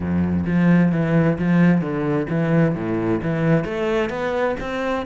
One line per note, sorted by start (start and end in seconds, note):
0.00 0.45 F2
0.46 0.91 F3
0.92 1.37 E3
1.38 1.81 F3
1.81 2.27 D3
2.29 2.75 E3
2.75 3.21 A2
3.21 3.64 E3
3.64 4.09 A3
4.09 4.55 B3
4.59 5.05 C4